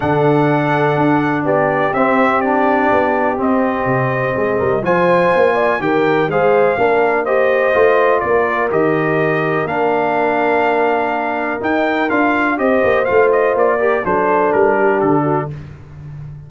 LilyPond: <<
  \new Staff \with { instrumentName = "trumpet" } { \time 4/4 \tempo 4 = 124 fis''2. d''4 | e''4 d''2 dis''4~ | dis''2 gis''2 | g''4 f''2 dis''4~ |
dis''4 d''4 dis''2 | f''1 | g''4 f''4 dis''4 f''8 dis''8 | d''4 c''4 ais'4 a'4 | }
  \new Staff \with { instrumentName = "horn" } { \time 4/4 a'2. g'4~ | g'1~ | g'4 gis'8 ais'8 c''4. d''8 | ais'4 c''4 ais'4 c''4~ |
c''4 ais'2.~ | ais'1~ | ais'2 c''2~ | c''8 ais'8 a'4. g'4 fis'8 | }
  \new Staff \with { instrumentName = "trombone" } { \time 4/4 d'1 | c'4 d'2 c'4~ | c'2 f'2 | g'4 gis'4 d'4 g'4 |
f'2 g'2 | d'1 | dis'4 f'4 g'4 f'4~ | f'8 g'8 d'2. | }
  \new Staff \with { instrumentName = "tuba" } { \time 4/4 d2 d'4 b4 | c'2 b4 c'4 | c4 gis8 g8 f4 ais4 | dis4 gis4 ais2 |
a4 ais4 dis2 | ais1 | dis'4 d'4 c'8 ais8 a4 | ais4 fis4 g4 d4 | }
>>